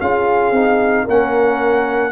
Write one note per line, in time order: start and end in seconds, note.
0.00 0.51 C#4
0.00 0.54 F4
0.00 1.04 G#4
0.00 1.07 F5
0.51 1.05 C4
0.51 1.08 D#4
1.04 2.11 A#3
1.04 2.11 C#4
1.04 2.11 A#4
1.04 2.11 F#5